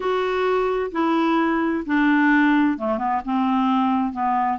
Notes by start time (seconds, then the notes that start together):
0.00 F#4
0.91 E4
1.86 D4
2.77 A3
2.98 B3
3.25 C4
4.12 B3